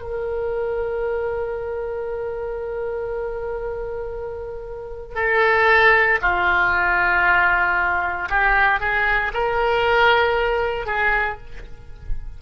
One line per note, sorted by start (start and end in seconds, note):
0.00 5.15 A#4
5.15 6.18 A4
6.21 8.28 F4
8.29 8.80 G4
8.80 9.32 G#4
9.33 10.86 A#4
10.86 11.37 G#4